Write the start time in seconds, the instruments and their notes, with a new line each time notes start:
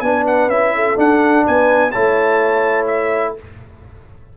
0.00 tuba B3, trombone D4, horn B4, trumpet G#5
0.27 trumpet F#5
0.47 tuba C#4, trombone E4, trumpet E5
0.75 horn A4
0.96 trombone D4, tuba D4, trumpet F#5
1.46 tuba B3, horn B4, trumpet G#5
1.91 tuba A3, trombone E4, horn C#5, trumpet A5
2.87 trumpet E5